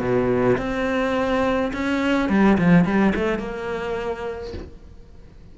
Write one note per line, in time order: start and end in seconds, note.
0.00 0.57 B2
0.58 1.72 C4
1.74 2.30 C#4
2.30 2.58 G3
2.58 2.85 F3
2.85 3.14 G3
3.16 3.39 A3
3.39 4.54 A#3